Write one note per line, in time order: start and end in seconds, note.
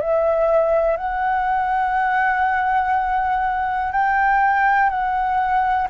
0.00 0.97 E5
0.97 3.92 F#5
3.92 4.89 G5
4.89 5.87 F#5